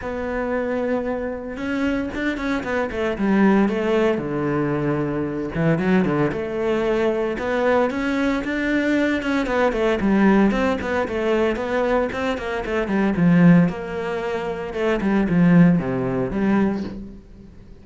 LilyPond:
\new Staff \with { instrumentName = "cello" } { \time 4/4 \tempo 4 = 114 b2. cis'4 | d'8 cis'8 b8 a8 g4 a4 | d2~ d8 e8 fis8 d8 | a2 b4 cis'4 |
d'4. cis'8 b8 a8 g4 | c'8 b8 a4 b4 c'8 ais8 | a8 g8 f4 ais2 | a8 g8 f4 c4 g4 | }